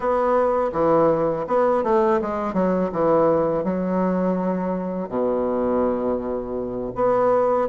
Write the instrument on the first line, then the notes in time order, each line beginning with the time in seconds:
bassoon
0.00 B3
0.72 E3
1.47 B3
1.83 A3
2.22 G#3
2.53 F#3
2.92 E3
3.64 F#3
5.08 B2
6.95 B3